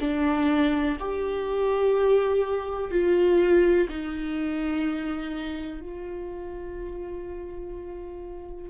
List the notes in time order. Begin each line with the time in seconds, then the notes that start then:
0.00 D4
0.99 G4
2.91 F4
3.89 D#4
5.81 F4